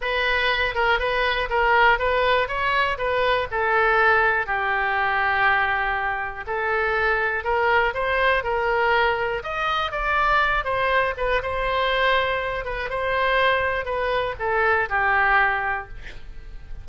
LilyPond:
\new Staff \with { instrumentName = "oboe" } { \time 4/4 \tempo 4 = 121 b'4. ais'8 b'4 ais'4 | b'4 cis''4 b'4 a'4~ | a'4 g'2.~ | g'4 a'2 ais'4 |
c''4 ais'2 dis''4 | d''4. c''4 b'8 c''4~ | c''4. b'8 c''2 | b'4 a'4 g'2 | }